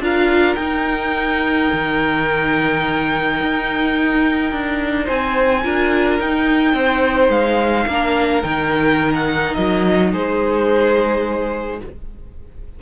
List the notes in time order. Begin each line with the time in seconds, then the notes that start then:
0.00 D4 F4 A#4 F5
0.55 D#4 G5
1.73 D#3
3.40 D#4
4.52 D4
5.05 C4 C5 G#5
5.64 D4 F4 A#4
6.20 D#4 G5
6.74 C4 C5
7.29 G#3 F5
7.87 A#3 D4 A#4
8.43 D#3 D#4 G5
9.14 F#5
9.55 F#3 D#5
10.12 G#3 G#4 C5